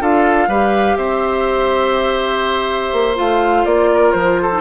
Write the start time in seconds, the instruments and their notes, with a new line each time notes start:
0.00 bassoon D4, clarinet F4, oboe A4, flute F5
0.48 bassoon G3, clarinet G4, oboe B4
0.97 bassoon C4, oboe C5, flute E5
2.92 bassoon A#3
3.15 bassoon A3, clarinet F4, flute F5
3.65 bassoon A#3, flute D5
3.93 oboe A#4
4.12 bassoon F3, flute C5
4.41 oboe A4
4.52 clarinet D#4